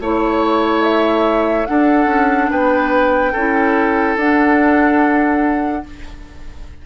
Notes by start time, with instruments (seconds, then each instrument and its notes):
0.00 bassoon A3, clarinet E4, flute C#5, oboe C#5
0.83 flute E5
1.66 clarinet D4, bassoon D4, oboe A4, flute F#5
2.06 bassoon C#4
2.50 bassoon B3, oboe B4, flute G5
3.32 bassoon C#4, clarinet E4, oboe A4
4.16 bassoon D4, clarinet D4, flute F#5